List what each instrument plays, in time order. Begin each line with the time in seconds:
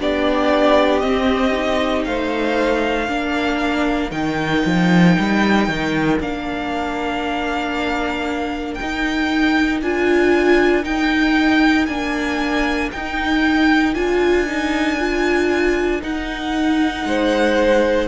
0.00 cello B3, viola D4, violin G4 D5
0.99 viola C4, cello C4, violin D#5
1.53 viola D#4
2.05 cello A3, violin C5 F5
3.09 cello A#3, viola D4, violin A#4
4.11 cello D#3, viola D#4, violin G5
4.66 cello F3
5.19 cello G3
5.69 cello D#3
6.21 cello A#3, viola D4, violin F5
8.75 violin G5
8.82 cello D#4, viola D#4
9.82 cello D4, viola F4, violin G#5
10.83 viola D#4, cello D#4, violin G5
11.86 cello A#3, viola D4, violin G#5
12.92 cello D#4, viola D#4, violin G5
13.95 cello D4, viola F4, violin G#5
14.47 viola D#4
14.99 viola F4
16.01 viola D#4, cello D#4, violin F#5
17.05 cello G#3, violin C5